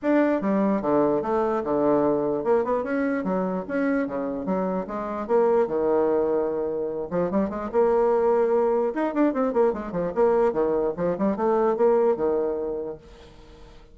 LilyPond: \new Staff \with { instrumentName = "bassoon" } { \time 4/4 \tempo 4 = 148 d'4 g4 d4 a4 | d2 ais8 b8 cis'4 | fis4 cis'4 cis4 fis4 | gis4 ais4 dis2~ |
dis4. f8 g8 gis8 ais4~ | ais2 dis'8 d'8 c'8 ais8 | gis8 f8 ais4 dis4 f8 g8 | a4 ais4 dis2 | }